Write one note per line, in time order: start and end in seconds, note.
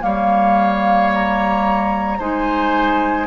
0.00 2.20 G3
0.00 2.18 A#3
0.00 2.18 C#5
0.00 1.11 F5
1.14 2.21 A#5
2.18 3.27 G#3
2.18 3.27 D#4
2.18 3.27 C5
2.18 3.27 G#5